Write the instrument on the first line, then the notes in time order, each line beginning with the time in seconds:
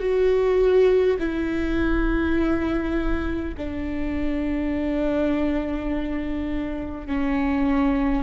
viola
0.00 F#4
1.20 E4
3.57 D4
7.07 C#4